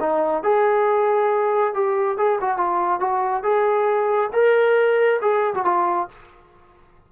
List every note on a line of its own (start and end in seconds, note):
0.00 0.43 D#4
0.43 1.74 G#4
1.74 2.17 G4
2.17 2.39 G#4
2.41 2.57 F#4
2.57 3.00 F4
3.00 3.43 F#4
3.43 4.30 G#4
4.33 5.20 A#4
5.21 5.54 G#4
5.54 5.65 F#4
5.65 6.08 F4